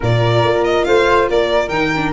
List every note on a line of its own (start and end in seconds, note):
0.00 0.43 A#2
0.00 1.70 F4
0.00 0.86 A#4
0.00 0.64 D5
0.43 0.86 A#3
0.64 0.84 D#5
0.84 1.29 A3
0.84 1.29 C5
0.84 1.27 F5
1.29 1.69 A#3
1.29 2.12 A#4
1.29 1.68 D5
1.68 2.12 D#3
1.68 1.91 D#4
1.68 2.11 G5
1.95 2.12 D4